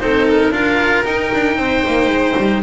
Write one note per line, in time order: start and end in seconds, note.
0.00 0.51 C4
0.00 0.52 D#4
0.00 0.53 A4
0.00 0.26 C5
0.29 0.54 A#4
0.51 1.04 D4
0.51 1.05 F4
0.51 1.57 A#4
0.51 1.05 F5
1.05 2.63 D#4
1.05 1.31 D#4
1.05 2.63 G5
1.34 1.56 D4
1.56 1.83 C4
1.56 2.63 C5
1.87 2.08 A#3
2.08 2.35 G#3
2.37 2.63 G3